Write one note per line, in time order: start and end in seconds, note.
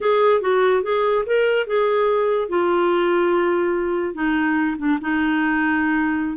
0.00 0.41 G#4
0.41 0.82 F#4
0.83 1.24 G#4
1.26 1.67 A#4
1.67 2.48 G#4
2.48 4.14 F4
4.14 4.76 D#4
4.78 4.98 D4
5.01 6.36 D#4